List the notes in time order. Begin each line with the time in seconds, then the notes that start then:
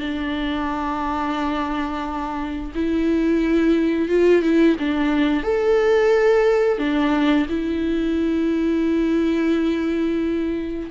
0.00 D4
2.75 E4
4.09 F4
4.43 E4
4.79 D4
5.44 A4
6.79 D4
7.50 E4